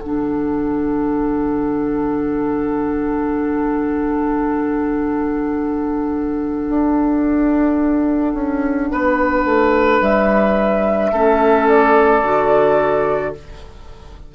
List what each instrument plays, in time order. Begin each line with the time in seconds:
0.00 bassoon D3, clarinet D4, oboe A4, flute F#5
6.69 bassoon D4
8.34 bassoon C#4
8.92 bassoon B3, oboe B4
9.45 bassoon A3
10.01 bassoon G3, flute E5
11.12 bassoon A3, clarinet C#4, oboe A4
11.68 flute D5
12.23 bassoon D3, clarinet F#4